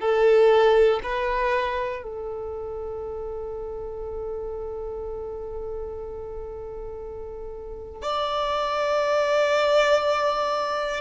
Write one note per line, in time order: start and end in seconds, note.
0.00 1.00 A4
1.03 2.03 B4
2.03 8.02 A4
8.02 11.01 D5